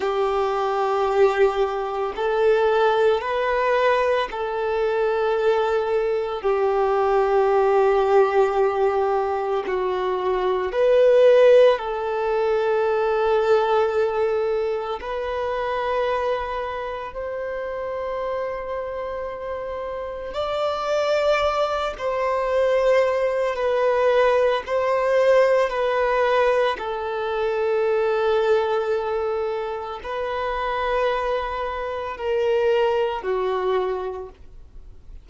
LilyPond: \new Staff \with { instrumentName = "violin" } { \time 4/4 \tempo 4 = 56 g'2 a'4 b'4 | a'2 g'2~ | g'4 fis'4 b'4 a'4~ | a'2 b'2 |
c''2. d''4~ | d''8 c''4. b'4 c''4 | b'4 a'2. | b'2 ais'4 fis'4 | }